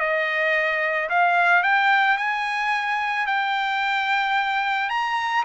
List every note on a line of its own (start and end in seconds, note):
0.00 1.09 D#5
1.10 1.63 F5
1.63 2.17 G5
2.18 3.27 G#5
3.27 4.90 G5
4.90 5.44 A#5